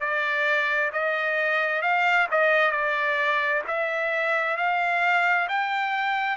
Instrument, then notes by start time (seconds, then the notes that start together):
trumpet
0.00 D5
0.93 D#5
1.82 F5
2.31 D#5
2.71 D5
3.68 E5
4.57 F5
5.49 G5